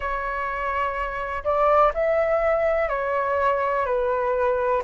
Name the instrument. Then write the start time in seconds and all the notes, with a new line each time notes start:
flute
0.00 C#5
1.44 D5
1.94 E5
2.88 C#5
3.85 B4